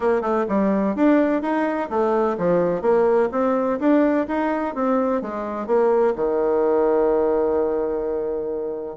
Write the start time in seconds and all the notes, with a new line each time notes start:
0.00 A#3
0.21 A3
0.48 G3
0.95 D4
1.42 D#4
1.89 A3
2.38 F3
2.81 A#3
3.31 C4
3.79 D4
4.27 D#4
4.74 C4
5.21 G#3
5.66 A#3
6.15 D#3